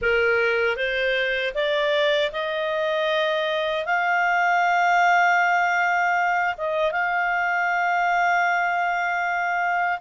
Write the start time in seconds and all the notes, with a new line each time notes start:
0.01 A#4
0.76 C5
1.54 D5
2.31 D#5
3.85 F5
6.57 D#5
6.91 F5